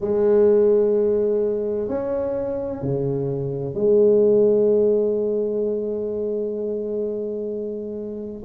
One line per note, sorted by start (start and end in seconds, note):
0.00 1.88 G#3
1.88 2.81 C#4
2.81 3.74 C#3
3.74 8.43 G#3